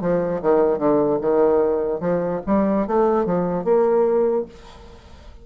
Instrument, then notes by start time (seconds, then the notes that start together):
bassoon
0.00 F3
0.41 D#3
0.78 D3
1.21 D#3
2.00 F3
2.46 G3
2.86 A3
3.25 F3
3.64 A#3